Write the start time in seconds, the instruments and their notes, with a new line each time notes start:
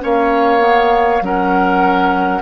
0.00 bassoon A#3, clarinet C#4, oboe C#5, flute F5
0.59 clarinet B3
1.21 bassoon F#3, clarinet C#4, oboe A#4, flute F#5